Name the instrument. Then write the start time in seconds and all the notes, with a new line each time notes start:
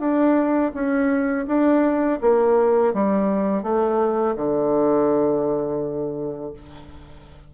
bassoon
0.00 D4
0.74 C#4
1.48 D4
2.21 A#3
2.94 G3
3.63 A3
4.36 D3